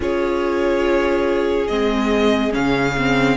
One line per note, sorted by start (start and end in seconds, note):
0.00 1.68 C#4
0.00 1.69 F4
0.00 3.37 G#4
0.00 1.67 C#5
1.67 2.54 G#3
1.67 2.51 C4
1.67 2.52 D#5
2.51 3.37 C#3
2.51 2.93 C#4
2.51 3.37 F5
2.98 3.37 C4